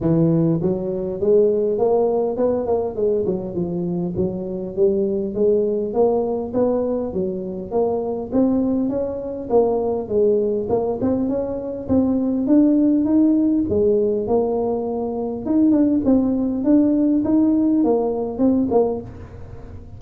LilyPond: \new Staff \with { instrumentName = "tuba" } { \time 4/4 \tempo 4 = 101 e4 fis4 gis4 ais4 | b8 ais8 gis8 fis8 f4 fis4 | g4 gis4 ais4 b4 | fis4 ais4 c'4 cis'4 |
ais4 gis4 ais8 c'8 cis'4 | c'4 d'4 dis'4 gis4 | ais2 dis'8 d'8 c'4 | d'4 dis'4 ais4 c'8 ais8 | }